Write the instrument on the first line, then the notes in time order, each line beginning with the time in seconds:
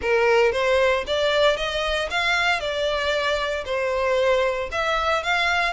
violin
0.01 A#4
0.52 C5
1.06 D5
1.56 D#5
2.10 F5
2.59 D5
3.65 C5
4.71 E5
5.23 F5